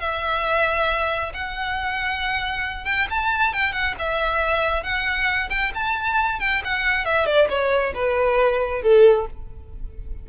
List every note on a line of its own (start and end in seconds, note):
0.00 1.32 E5
1.34 2.85 F#5
2.85 3.07 G5
3.10 3.53 A5
3.53 3.72 G5
3.72 3.94 F#5
3.99 4.83 E5
4.83 5.49 F#5
5.50 5.72 G5
5.74 6.40 A5
6.40 6.62 G5
6.64 7.05 F#5
7.05 7.26 E5
7.26 7.48 D5
7.49 7.93 C#5
7.95 8.82 B4
8.82 9.26 A4